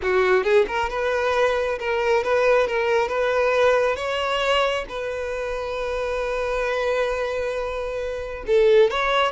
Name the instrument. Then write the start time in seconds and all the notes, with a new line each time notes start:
violin
0.02 F#4
0.43 G#4
0.67 A#4
0.89 B4
1.79 A#4
2.23 B4
2.67 A#4
3.08 B4
3.96 C#5
4.88 B4
8.47 A4
8.90 C#5